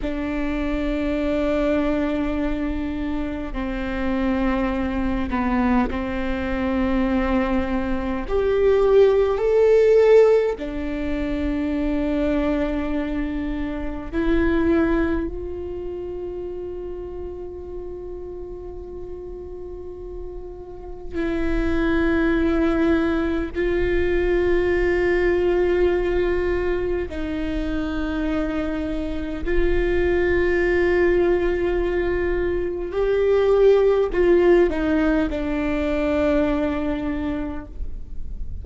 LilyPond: \new Staff \with { instrumentName = "viola" } { \time 4/4 \tempo 4 = 51 d'2. c'4~ | c'8 b8 c'2 g'4 | a'4 d'2. | e'4 f'2.~ |
f'2 e'2 | f'2. dis'4~ | dis'4 f'2. | g'4 f'8 dis'8 d'2 | }